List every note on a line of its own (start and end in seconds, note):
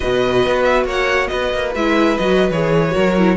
0.00 0.46 B2
0.00 1.73 F#4
0.00 0.86 B4
0.00 0.62 D#5
0.46 0.84 B3
0.62 0.84 E5
0.84 1.27 A#3
0.84 1.29 C#5
0.84 1.27 F#5
1.27 1.53 B3
1.27 2.94 B4
1.27 1.71 D#5
1.53 1.74 A#3
1.74 2.18 G#3
1.74 2.19 E4
1.74 2.17 E5
2.17 2.50 F#3
2.17 2.52 F#4
2.17 2.50 D#5
2.50 2.94 E3
2.50 2.91 G#4
2.50 3.36 C#5
2.91 3.36 F#3
2.91 3.12 F#4
2.91 3.36 A#4
3.17 3.36 E4